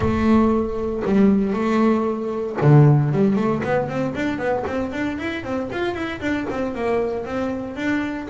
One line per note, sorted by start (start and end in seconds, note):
0.00 1.03 A3
1.04 1.53 G3
1.53 2.56 A3
2.61 3.12 D3
3.12 3.36 G3
3.36 3.62 A3
3.63 3.88 B3
3.88 4.14 C4
4.14 4.38 D4
4.38 4.64 B3
4.66 4.92 C4
4.92 5.18 D4
5.18 5.43 E4
5.43 5.69 C4
5.72 5.94 F4
5.94 6.20 E4
6.20 6.46 D4
6.49 6.74 C4
6.74 7.25 A#3
7.25 7.75 C4
7.75 8.27 D4